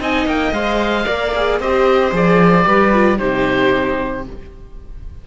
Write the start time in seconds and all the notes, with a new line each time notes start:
0.00 C4 D#4 D#5 G#5
0.26 A#3 G5
0.52 G#3 C5 F5
1.06 A#3 A#4 D5
1.36 G#4
1.60 C4 G4 C5 D#5
2.11 F3 G#4 D5
2.63 G3 G4 B4
2.93 F4
3.18 C3 D#4 G4 C5